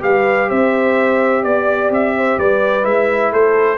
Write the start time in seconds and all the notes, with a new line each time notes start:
0.00 G3 G4 B4 F5
0.49 C4 C5 E5
1.43 B3 D5
1.90 C4 E5
2.17 C5
2.38 G3 B4 D5
2.83 G#3 E4 E5
3.32 A3 A4 C5